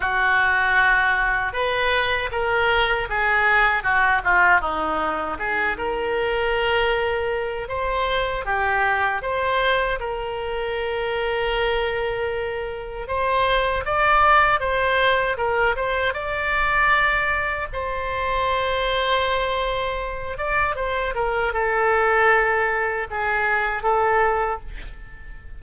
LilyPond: \new Staff \with { instrumentName = "oboe" } { \time 4/4 \tempo 4 = 78 fis'2 b'4 ais'4 | gis'4 fis'8 f'8 dis'4 gis'8 ais'8~ | ais'2 c''4 g'4 | c''4 ais'2.~ |
ais'4 c''4 d''4 c''4 | ais'8 c''8 d''2 c''4~ | c''2~ c''8 d''8 c''8 ais'8 | a'2 gis'4 a'4 | }